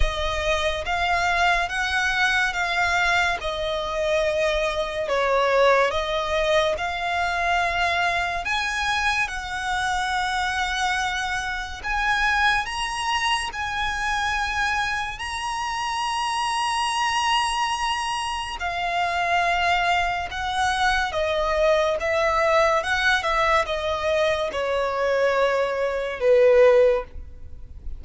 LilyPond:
\new Staff \with { instrumentName = "violin" } { \time 4/4 \tempo 4 = 71 dis''4 f''4 fis''4 f''4 | dis''2 cis''4 dis''4 | f''2 gis''4 fis''4~ | fis''2 gis''4 ais''4 |
gis''2 ais''2~ | ais''2 f''2 | fis''4 dis''4 e''4 fis''8 e''8 | dis''4 cis''2 b'4 | }